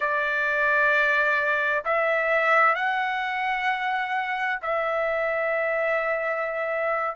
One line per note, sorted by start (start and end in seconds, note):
0.00 1.83 D5
1.85 2.75 E5
2.75 4.59 F#5
4.62 7.15 E5